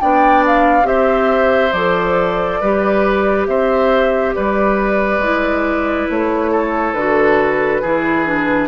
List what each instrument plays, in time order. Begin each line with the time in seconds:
0.00 bassoon B3, clarinet D4, oboe D5, flute G5
0.47 flute F5
0.84 bassoon C4, clarinet G4, oboe C5, flute E5
1.72 bassoon F3, clarinet A4, flute D5
2.60 bassoon G3, clarinet G4, oboe B4
3.47 bassoon C4, oboe C5, flute E5
4.35 bassoon G3, oboe B4, flute D5
5.19 bassoon G#3, clarinet E4
6.10 bassoon A3, flute C#5
6.52 oboe A4
6.93 bassoon D3, clarinet F#4, flute B4
7.82 bassoon E3, clarinet E4, oboe G#4
8.26 clarinet D4